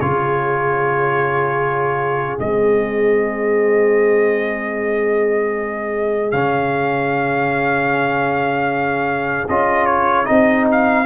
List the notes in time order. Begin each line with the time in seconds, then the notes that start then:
0.00 C#3 F4 G#4 C#5
2.38 G#3 C4 D#5
6.31 C#3 C#4 F5
9.48 C#4 F4 D#5
9.86 C#5
10.25 C4 D#4 D#5
10.71 F5